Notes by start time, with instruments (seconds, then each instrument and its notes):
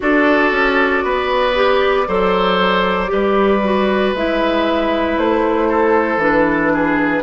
0.00 bassoon D4, clarinet F#4, oboe A4, flute D5
0.51 bassoon C#4
1.03 bassoon B3, oboe B4
1.55 clarinet G4
2.07 bassoon F#3, clarinet A4, oboe C5
3.07 bassoon G3, clarinet G4, oboe B4
3.64 clarinet F#4
4.14 bassoon G#3, clarinet E4, flute E5
5.17 bassoon A3, flute C5
5.69 oboe A4
6.16 bassoon E3, clarinet D4, flute B4
6.73 oboe G#4